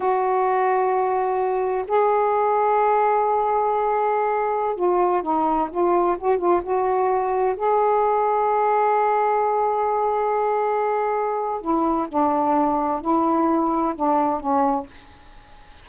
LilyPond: \new Staff \with { instrumentName = "saxophone" } { \time 4/4 \tempo 4 = 129 fis'1 | gis'1~ | gis'2~ gis'16 f'4 dis'8.~ | dis'16 f'4 fis'8 f'8 fis'4.~ fis'16~ |
fis'16 gis'2.~ gis'8.~ | gis'1~ | gis'4 e'4 d'2 | e'2 d'4 cis'4 | }